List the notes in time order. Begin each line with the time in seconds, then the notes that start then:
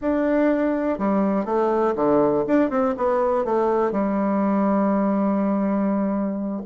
0.01 D4
0.98 G3
1.45 A3
1.95 D3
2.47 D4
2.70 C4
2.97 B3
3.44 A3
3.91 G3